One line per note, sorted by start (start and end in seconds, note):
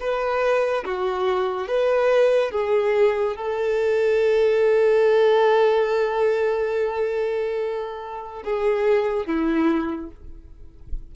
0.00 0.85 B4
0.85 1.67 F#4
1.67 2.51 B4
2.51 3.36 G#4
3.36 8.43 A4
8.44 9.26 G#4
9.26 10.11 E4